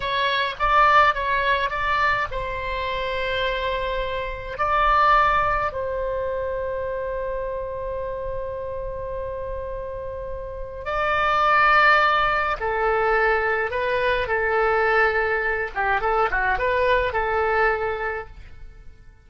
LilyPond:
\new Staff \with { instrumentName = "oboe" } { \time 4/4 \tempo 4 = 105 cis''4 d''4 cis''4 d''4 | c''1 | d''2 c''2~ | c''1~ |
c''2. d''4~ | d''2 a'2 | b'4 a'2~ a'8 g'8 | a'8 fis'8 b'4 a'2 | }